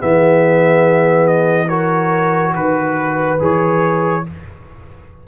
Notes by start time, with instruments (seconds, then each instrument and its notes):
0.00 tuba E3, trombone B3, horn G#4, trumpet E5
1.27 trumpet D#5
1.68 trombone F#4, horn A#4, trumpet C#5
2.54 tuba D#3, horn B4, trumpet B4
3.39 tuba E3, trombone G#4, trumpet C#5